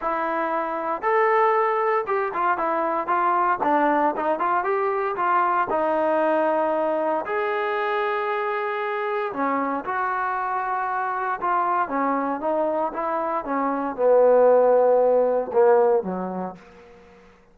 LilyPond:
\new Staff \with { instrumentName = "trombone" } { \time 4/4 \tempo 4 = 116 e'2 a'2 | g'8 f'8 e'4 f'4 d'4 | dis'8 f'8 g'4 f'4 dis'4~ | dis'2 gis'2~ |
gis'2 cis'4 fis'4~ | fis'2 f'4 cis'4 | dis'4 e'4 cis'4 b4~ | b2 ais4 fis4 | }